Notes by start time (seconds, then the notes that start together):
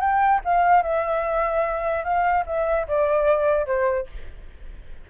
0.00 G5
0.44 F5
0.82 E5
2.04 F5
2.46 E5
2.87 D5
3.66 C5